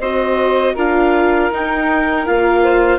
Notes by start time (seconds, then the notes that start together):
0.00 C4 F#4 C5 D#5
0.74 D4 F4 A#4 F5
1.52 D#4 G5
2.26 A#3 F4 F5
2.63 C5